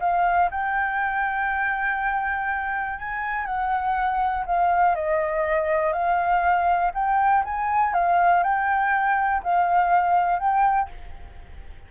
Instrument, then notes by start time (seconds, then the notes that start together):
flute
0.00 F5
0.51 G5
2.99 G#5
3.46 F#5
4.46 F5
4.95 D#5
5.93 F5
6.94 G5
7.44 G#5
7.94 F5
8.43 G5
9.43 F5
10.39 G5